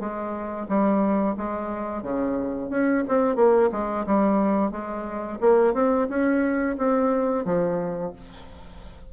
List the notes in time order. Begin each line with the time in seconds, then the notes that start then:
0.00 G#3
0.69 G3
1.37 G#3
2.03 C#3
2.70 C#4
3.09 C4
3.36 A#3
3.72 G#3
4.07 G3
4.72 G#3
5.41 A#3
5.74 C4
6.10 C#4
6.78 C4
7.46 F3